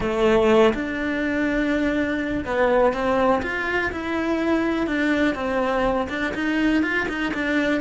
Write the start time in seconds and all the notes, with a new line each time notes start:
0.00 A3
0.74 D4
2.45 B3
2.93 C4
3.42 F4
3.92 E4
4.86 D4
5.35 C4
6.09 D4
6.34 D#4
6.82 F4
7.08 D#4
7.34 D4